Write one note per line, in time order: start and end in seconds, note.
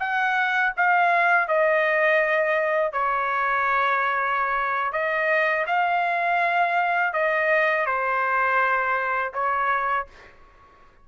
0.00 0.73 F#5
0.77 1.48 F5
1.48 2.93 D#5
2.93 4.93 C#5
4.93 5.66 D#5
5.67 7.13 F5
7.13 7.86 D#5
7.86 9.33 C5
9.34 10.07 C#5